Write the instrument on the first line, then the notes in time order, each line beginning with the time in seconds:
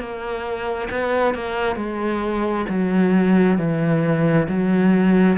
cello
0.00 A#3
0.91 B3
1.35 A#3
1.76 G#3
2.69 F#3
3.59 E3
4.49 F#3